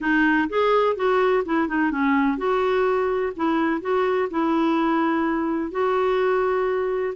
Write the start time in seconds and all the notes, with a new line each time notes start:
0.00 D#4
0.49 G#4
0.95 F#4
1.45 E4
1.68 D#4
1.91 C#4
2.37 F#4
3.35 E4
3.81 F#4
4.30 E4
5.71 F#4